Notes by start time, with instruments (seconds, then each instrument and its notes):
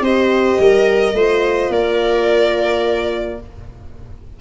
0.00 tuba C4, horn G4, viola C5, violin D#5
0.59 tuba G3, viola A#4
1.13 tuba A3, horn F4, viola C5
1.70 tuba A#3, viola A#4, violin D5